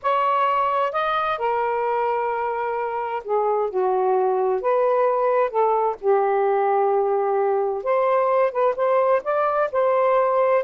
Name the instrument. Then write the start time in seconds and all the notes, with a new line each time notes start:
saxophone
0.02 C#5
0.92 D#5
1.38 A#4
3.23 G#4
3.69 F#4
4.61 B4
5.49 A4
6.00 G4
7.83 C5
8.51 B4
8.76 C5
9.23 D5
9.72 C5